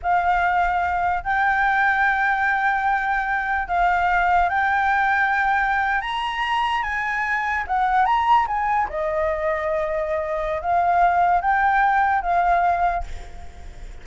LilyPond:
\new Staff \with { instrumentName = "flute" } { \time 4/4 \tempo 4 = 147 f''2. g''4~ | g''1~ | g''4 f''2 g''4~ | g''2~ g''8. ais''4~ ais''16~ |
ais''8. gis''2 fis''4 ais''16~ | ais''8. gis''4 dis''2~ dis''16~ | dis''2 f''2 | g''2 f''2 | }